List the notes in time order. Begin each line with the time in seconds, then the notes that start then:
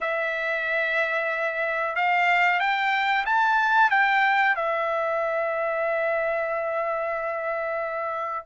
0.01 E5
1.95 F5
2.59 G5
3.25 A5
3.90 G5
4.55 E5